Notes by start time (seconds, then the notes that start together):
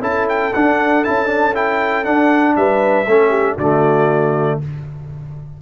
0.00 C#4 E4 A4 A5
0.28 G5
0.53 D4 F#5
1.04 C#4 E4 A5
1.26 D4
1.54 E4 G5
2.04 D4 F#5
2.56 G3 B4 E5
3.06 A3 C#4 A4
3.29 G4
3.56 D3 A3 F#4 D5